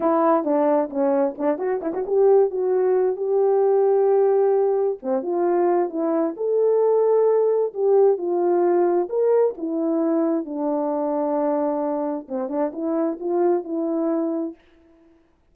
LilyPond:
\new Staff \with { instrumentName = "horn" } { \time 4/4 \tempo 4 = 132 e'4 d'4 cis'4 d'8 fis'8 | e'16 fis'16 g'4 fis'4. g'4~ | g'2. c'8 f'8~ | f'4 e'4 a'2~ |
a'4 g'4 f'2 | ais'4 e'2 d'4~ | d'2. c'8 d'8 | e'4 f'4 e'2 | }